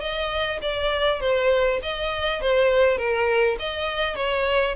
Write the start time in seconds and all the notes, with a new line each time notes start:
0.00 D#5
0.62 D5
1.20 C5
1.82 D#5
2.41 C5
2.97 A#4
3.59 D#5
4.15 C#5